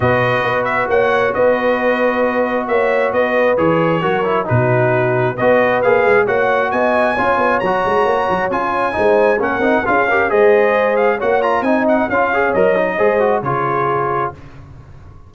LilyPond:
<<
  \new Staff \with { instrumentName = "trumpet" } { \time 4/4 \tempo 4 = 134 dis''4. e''8 fis''4 dis''4~ | dis''2 e''4 dis''4 | cis''2 b'2 | dis''4 f''4 fis''4 gis''4~ |
gis''4 ais''2 gis''4~ | gis''4 fis''4 f''4 dis''4~ | dis''8 f''8 fis''8 ais''8 gis''8 fis''8 f''4 | dis''2 cis''2 | }
  \new Staff \with { instrumentName = "horn" } { \time 4/4 b'2 cis''4 b'4~ | b'2 cis''4 b'4~ | b'4 ais'4 fis'2 | b'2 cis''4 dis''4 |
cis''1 | c''4 ais'4 gis'8 ais'8 c''4~ | c''4 cis''4 dis''4 cis''4~ | cis''4 c''4 gis'2 | }
  \new Staff \with { instrumentName = "trombone" } { \time 4/4 fis'1~ | fis'1 | gis'4 fis'8 e'8 dis'2 | fis'4 gis'4 fis'2 |
f'4 fis'2 f'4 | dis'4 cis'8 dis'8 f'8 g'8 gis'4~ | gis'4 fis'8 f'8 dis'4 f'8 gis'8 | ais'8 dis'8 gis'8 fis'8 f'2 | }
  \new Staff \with { instrumentName = "tuba" } { \time 4/4 b,4 b4 ais4 b4~ | b2 ais4 b4 | e4 fis4 b,2 | b4 ais8 gis8 ais4 b4 |
cis'8 b8 fis8 gis8 ais8 fis8 cis'4 | gis4 ais8 c'8 cis'4 gis4~ | gis4 ais4 c'4 cis'4 | fis4 gis4 cis2 | }
>>